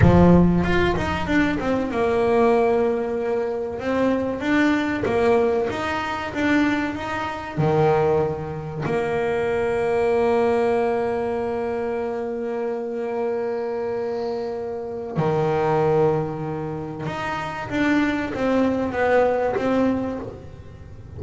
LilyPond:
\new Staff \with { instrumentName = "double bass" } { \time 4/4 \tempo 4 = 95 f4 f'8 dis'8 d'8 c'8 ais4~ | ais2 c'4 d'4 | ais4 dis'4 d'4 dis'4 | dis2 ais2~ |
ais1~ | ais1 | dis2. dis'4 | d'4 c'4 b4 c'4 | }